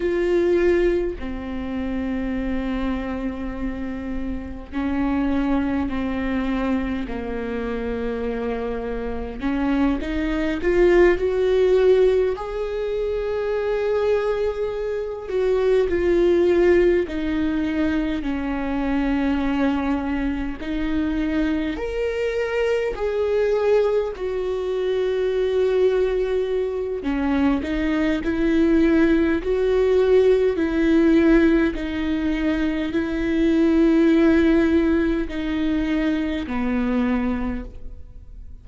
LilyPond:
\new Staff \with { instrumentName = "viola" } { \time 4/4 \tempo 4 = 51 f'4 c'2. | cis'4 c'4 ais2 | cis'8 dis'8 f'8 fis'4 gis'4.~ | gis'4 fis'8 f'4 dis'4 cis'8~ |
cis'4. dis'4 ais'4 gis'8~ | gis'8 fis'2~ fis'8 cis'8 dis'8 | e'4 fis'4 e'4 dis'4 | e'2 dis'4 b4 | }